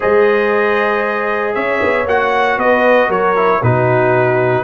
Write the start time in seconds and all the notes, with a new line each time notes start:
0.00 G#3 G#4 C5 D#5
1.54 C#4 C#5 E5
1.82 B3
2.06 A#3 F#4 F#5
2.57 B3 B4 D#5
3.08 F#3 A#4 C#5
3.36 E4
3.62 B2 D#4 F#4 B4